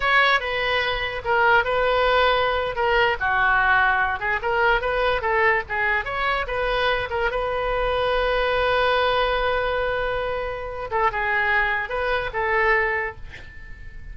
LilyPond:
\new Staff \with { instrumentName = "oboe" } { \time 4/4 \tempo 4 = 146 cis''4 b'2 ais'4 | b'2~ b'8. ais'4 fis'16~ | fis'2~ fis'16 gis'8 ais'4 b'16~ | b'8. a'4 gis'4 cis''4 b'16~ |
b'4~ b'16 ais'8 b'2~ b'16~ | b'1~ | b'2~ b'8 a'8 gis'4~ | gis'4 b'4 a'2 | }